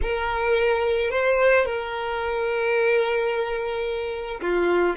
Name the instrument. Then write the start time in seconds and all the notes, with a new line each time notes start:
violin
0.02 A#4
1.10 C5
1.65 A#4
4.41 F4